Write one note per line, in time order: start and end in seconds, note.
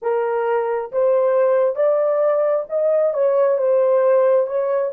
0.02 0.91 A#4
0.92 1.75 C5
1.75 2.65 D5
2.69 3.13 D#5
3.13 3.57 C#5
3.57 4.46 C5
4.46 4.91 C#5